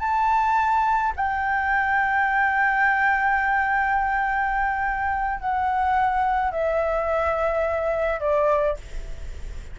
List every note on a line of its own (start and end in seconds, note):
0.00 1.13 A5
1.16 5.40 G5
5.40 6.51 F#5
6.51 8.20 E5
8.20 8.77 D5